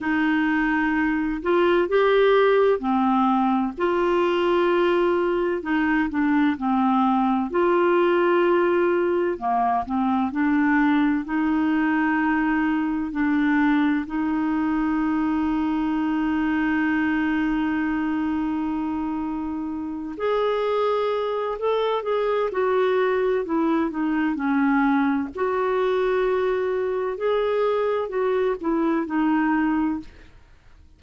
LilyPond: \new Staff \with { instrumentName = "clarinet" } { \time 4/4 \tempo 4 = 64 dis'4. f'8 g'4 c'4 | f'2 dis'8 d'8 c'4 | f'2 ais8 c'8 d'4 | dis'2 d'4 dis'4~ |
dis'1~ | dis'4. gis'4. a'8 gis'8 | fis'4 e'8 dis'8 cis'4 fis'4~ | fis'4 gis'4 fis'8 e'8 dis'4 | }